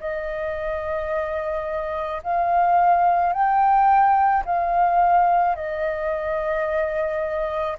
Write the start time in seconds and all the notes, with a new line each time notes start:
0.00 D#5
2.23 F5
3.33 G5
4.45 F5
5.56 D#5